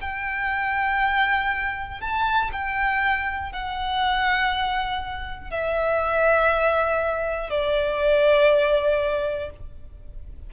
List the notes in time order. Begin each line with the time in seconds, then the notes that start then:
0.00 G5
2.00 A5
2.52 G5
3.52 F#5
5.50 E5
7.50 D5